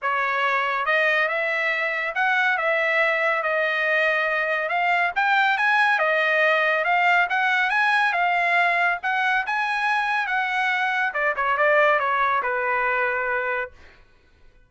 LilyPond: \new Staff \with { instrumentName = "trumpet" } { \time 4/4 \tempo 4 = 140 cis''2 dis''4 e''4~ | e''4 fis''4 e''2 | dis''2. f''4 | g''4 gis''4 dis''2 |
f''4 fis''4 gis''4 f''4~ | f''4 fis''4 gis''2 | fis''2 d''8 cis''8 d''4 | cis''4 b'2. | }